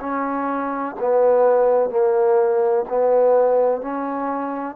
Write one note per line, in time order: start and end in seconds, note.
0.00 0.95 C#4
1.00 1.90 B3
1.90 2.85 A#3
2.89 3.82 B3
3.82 4.76 C#4